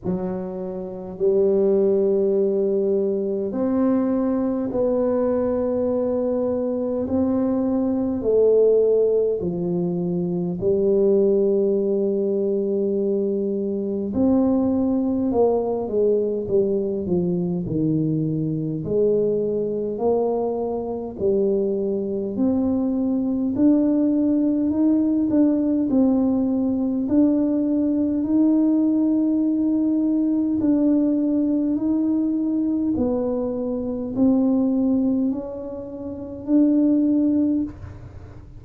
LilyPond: \new Staff \with { instrumentName = "tuba" } { \time 4/4 \tempo 4 = 51 fis4 g2 c'4 | b2 c'4 a4 | f4 g2. | c'4 ais8 gis8 g8 f8 dis4 |
gis4 ais4 g4 c'4 | d'4 dis'8 d'8 c'4 d'4 | dis'2 d'4 dis'4 | b4 c'4 cis'4 d'4 | }